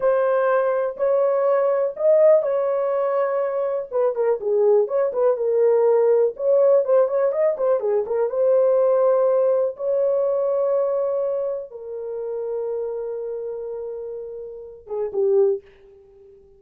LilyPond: \new Staff \with { instrumentName = "horn" } { \time 4/4 \tempo 4 = 123 c''2 cis''2 | dis''4 cis''2. | b'8 ais'8 gis'4 cis''8 b'8 ais'4~ | ais'4 cis''4 c''8 cis''8 dis''8 c''8 |
gis'8 ais'8 c''2. | cis''1 | ais'1~ | ais'2~ ais'8 gis'8 g'4 | }